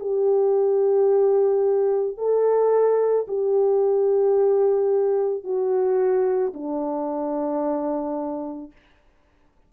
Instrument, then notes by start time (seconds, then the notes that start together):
horn
0.00 G4
2.18 A4
3.28 G4
5.44 F#4
6.54 D4